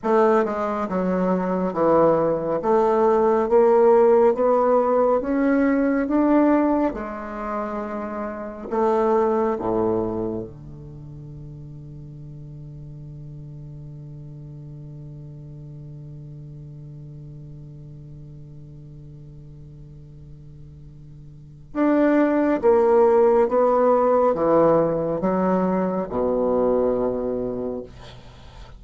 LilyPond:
\new Staff \with { instrumentName = "bassoon" } { \time 4/4 \tempo 4 = 69 a8 gis8 fis4 e4 a4 | ais4 b4 cis'4 d'4 | gis2 a4 a,4 | d1~ |
d1~ | d1~ | d4 d'4 ais4 b4 | e4 fis4 b,2 | }